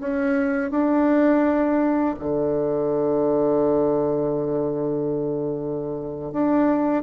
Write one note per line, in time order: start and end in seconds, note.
0.00 0.71 C#4
0.71 2.15 D4
2.19 6.32 D3
6.32 7.03 D4